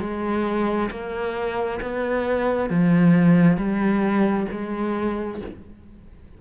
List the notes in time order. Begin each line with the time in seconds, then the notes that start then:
0.00 G#3
0.90 A#3
1.81 B3
2.69 F3
3.57 G3
4.51 G#3